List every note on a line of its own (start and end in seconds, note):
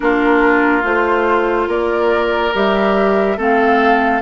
0.00 0.83 A#3
0.00 0.82 D4
0.00 1.68 F4
0.00 0.83 A#4
0.82 1.67 A3
0.82 2.51 F4
0.82 1.69 C5
1.67 2.52 A#3
1.67 3.37 A#4
1.67 2.54 D5
2.54 3.37 G3
2.54 3.37 G4
2.54 3.40 E5
3.37 4.21 A3
3.37 4.22 C4
3.37 4.21 A4
3.37 4.22 F5